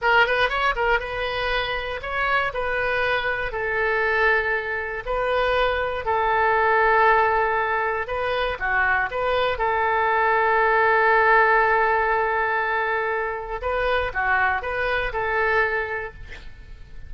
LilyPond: \new Staff \with { instrumentName = "oboe" } { \time 4/4 \tempo 4 = 119 ais'8 b'8 cis''8 ais'8 b'2 | cis''4 b'2 a'4~ | a'2 b'2 | a'1 |
b'4 fis'4 b'4 a'4~ | a'1~ | a'2. b'4 | fis'4 b'4 a'2 | }